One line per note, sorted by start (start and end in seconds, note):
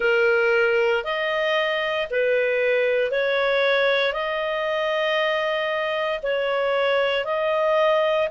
0.00 1.03 A#4
1.03 2.07 D#5
2.10 3.11 B4
3.11 4.12 C#5
4.12 6.19 D#5
6.23 7.24 C#5
7.24 8.28 D#5